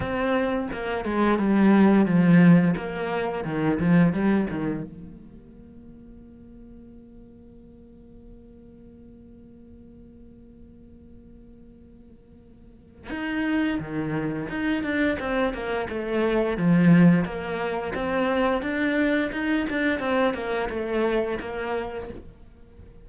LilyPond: \new Staff \with { instrumentName = "cello" } { \time 4/4 \tempo 4 = 87 c'4 ais8 gis8 g4 f4 | ais4 dis8 f8 g8 dis8 ais4~ | ais1~ | ais1~ |
ais2. dis'4 | dis4 dis'8 d'8 c'8 ais8 a4 | f4 ais4 c'4 d'4 | dis'8 d'8 c'8 ais8 a4 ais4 | }